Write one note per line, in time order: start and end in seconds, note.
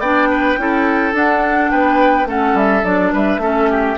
0.00 0.57 B3
0.00 0.58 D4
0.00 0.29 D5
0.00 1.14 G5
0.31 0.59 B4
0.57 1.14 C#4
0.57 1.13 E4
0.57 1.72 A4
1.13 2.27 D4
1.13 1.71 D4
1.13 1.71 F#5
1.71 2.26 B3
1.71 2.28 B4
1.71 2.28 G5
2.26 2.54 A3
2.26 2.83 C#4
2.26 3.13 A4
2.26 2.58 F#5
2.54 2.83 G3
2.54 2.85 E5
2.84 3.12 F#3
2.84 3.41 D4
2.84 3.13 D5
3.13 3.38 G3
3.13 3.41 B4
3.13 3.98 E5
3.38 3.95 A3
3.38 3.98 C#4
3.38 3.71 A4
3.71 3.98 G4